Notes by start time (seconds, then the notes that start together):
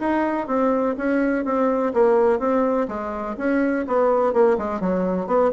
0.00 D#4
0.47 C4
0.98 C#4
1.45 C4
1.94 A#3
2.40 C4
2.88 G#3
3.38 C#4
3.87 B3
4.33 A#3
4.58 G#3
4.81 F#3
5.27 B3